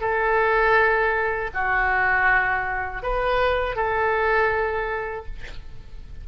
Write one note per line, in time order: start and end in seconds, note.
0.00 1.50 A4
1.54 3.02 F#4
3.02 3.76 B4
3.76 5.26 A4